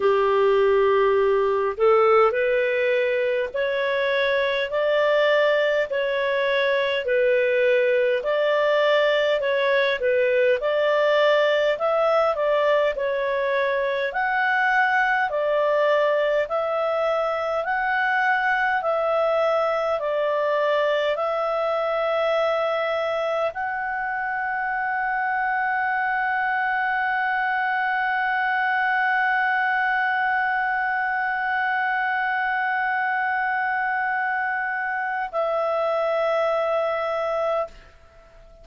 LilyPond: \new Staff \with { instrumentName = "clarinet" } { \time 4/4 \tempo 4 = 51 g'4. a'8 b'4 cis''4 | d''4 cis''4 b'4 d''4 | cis''8 b'8 d''4 e''8 d''8 cis''4 | fis''4 d''4 e''4 fis''4 |
e''4 d''4 e''2 | fis''1~ | fis''1~ | fis''2 e''2 | }